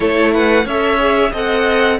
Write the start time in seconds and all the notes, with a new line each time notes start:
0.00 A3 E4 A4 C#5
0.33 B4 F#5
0.65 C#4 A4 C#5 E5
0.98 G#4
1.31 C4 A4 D#5
1.37 F#5